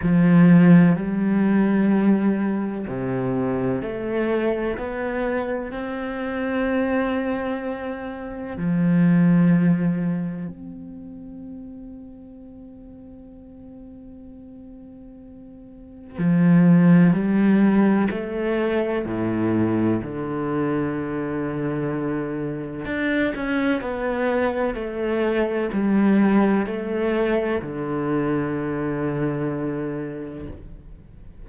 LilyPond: \new Staff \with { instrumentName = "cello" } { \time 4/4 \tempo 4 = 63 f4 g2 c4 | a4 b4 c'2~ | c'4 f2 c'4~ | c'1~ |
c'4 f4 g4 a4 | a,4 d2. | d'8 cis'8 b4 a4 g4 | a4 d2. | }